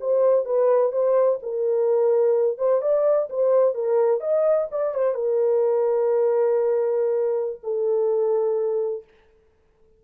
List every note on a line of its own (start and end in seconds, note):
0.00 0.45 C5
0.45 0.92 B4
0.92 1.39 C5
1.42 2.58 A#4
2.58 2.81 C5
2.81 3.28 D5
3.29 3.74 C5
3.74 4.21 A#4
4.21 4.67 D#5
4.71 4.94 D5
4.94 5.14 C5
5.14 7.60 A#4
7.63 9.04 A4